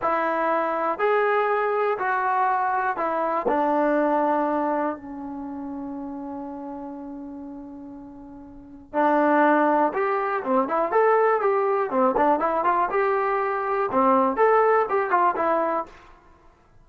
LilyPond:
\new Staff \with { instrumentName = "trombone" } { \time 4/4 \tempo 4 = 121 e'2 gis'2 | fis'2 e'4 d'4~ | d'2 cis'2~ | cis'1~ |
cis'2 d'2 | g'4 c'8 e'8 a'4 g'4 | c'8 d'8 e'8 f'8 g'2 | c'4 a'4 g'8 f'8 e'4 | }